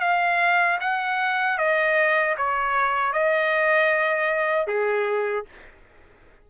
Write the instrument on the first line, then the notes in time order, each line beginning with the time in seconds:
trumpet
0.00 F5
0.80 F#5
1.58 D#5
2.37 C#5
3.12 D#5
4.67 G#4